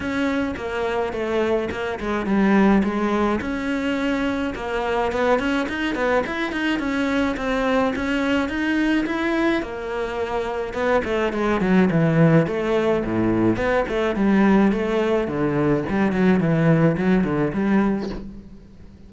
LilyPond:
\new Staff \with { instrumentName = "cello" } { \time 4/4 \tempo 4 = 106 cis'4 ais4 a4 ais8 gis8 | g4 gis4 cis'2 | ais4 b8 cis'8 dis'8 b8 e'8 dis'8 | cis'4 c'4 cis'4 dis'4 |
e'4 ais2 b8 a8 | gis8 fis8 e4 a4 a,4 | b8 a8 g4 a4 d4 | g8 fis8 e4 fis8 d8 g4 | }